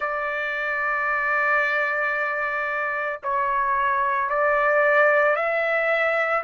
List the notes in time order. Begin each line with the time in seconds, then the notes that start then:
0.00 D5
3.23 C#5
4.29 D5
5.36 E5